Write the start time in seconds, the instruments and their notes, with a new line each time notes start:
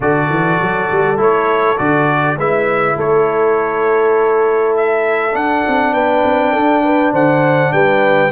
0.00 tuba D3, trombone F#4, horn A4, trumpet D5
0.29 tuba E3
0.60 tuba F#3
0.91 tuba G3
1.17 tuba A3, trombone E4, trumpet C#5
1.77 tuba D3, trombone F#4, trumpet D5
2.37 tuba G#3, trombone E4, horn B4, trumpet E5
2.96 tuba A3, horn A4, trumpet C#5
4.76 trumpet E5
5.31 trombone D4, tuba D4, trumpet F#5
5.67 tuba C4
5.93 tuba B3, horn B4, trumpet G5
6.24 tuba C4
6.52 tuba D4, horn A4
6.83 horn B4
7.12 tuba D3, horn C5, trumpet F#5
7.72 tuba G3, horn B4, trumpet G5